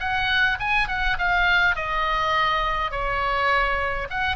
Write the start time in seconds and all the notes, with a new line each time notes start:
0.00 F#5
0.60 G#5
0.88 F#5
1.19 F5
1.76 D#5
2.92 C#5
4.10 F#5